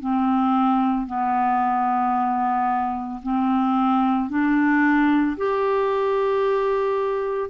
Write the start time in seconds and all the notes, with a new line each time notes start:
0.00 C4
1.07 B3
3.22 C4
4.30 D4
5.37 G4